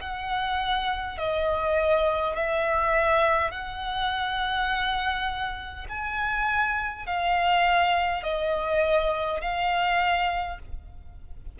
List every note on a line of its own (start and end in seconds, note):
0.00 1.18 F#5
1.18 2.35 D#5
2.36 3.51 E5
3.51 5.86 F#5
5.88 7.06 G#5
7.06 8.23 F5
8.23 9.41 D#5
9.41 10.58 F5